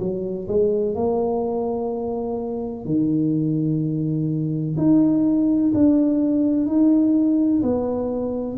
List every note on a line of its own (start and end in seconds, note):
0.00 0.48 F#3
0.48 0.95 G#3
0.95 2.85 A#3
2.85 4.76 D#3
4.77 5.73 D#4
5.74 6.67 D4
6.67 7.62 D#4
7.63 8.58 B3